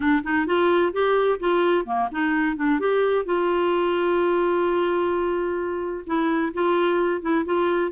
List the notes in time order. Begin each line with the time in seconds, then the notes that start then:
0.00 D4
0.23 D#4
0.46 F4
0.92 G4
1.39 F4
1.85 A#3
2.11 D#4
2.56 D4
2.79 G4
3.25 F4
6.06 E4
6.53 F4
7.21 E4
7.45 F4